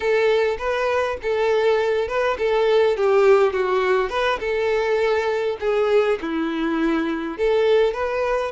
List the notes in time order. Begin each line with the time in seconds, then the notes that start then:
0.00 A4
0.58 B4
1.22 A4
2.07 B4
2.38 A4
2.96 G4
3.52 F#4
4.09 B4
4.39 A4
5.59 G#4
6.21 E4
7.37 A4
7.93 B4